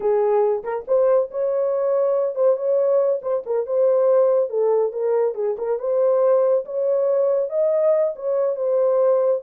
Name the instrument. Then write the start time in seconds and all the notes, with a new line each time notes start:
horn
0.00 G#4
0.63 A#4
0.87 C5
1.31 C#5
2.35 C5
2.56 C#5
3.22 C5
3.46 A#4
3.66 C5
4.49 A4
4.92 A#4
5.34 G#4
5.58 A#4
5.79 C5
6.65 C#5
7.49 D#5
8.15 C#5
8.56 C5